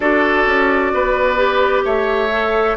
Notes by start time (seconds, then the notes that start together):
0.00 D4 F#4 A4 D5
0.46 C#4
0.93 B3 B4
1.37 G4
1.84 A3 C#5 E5
2.32 A4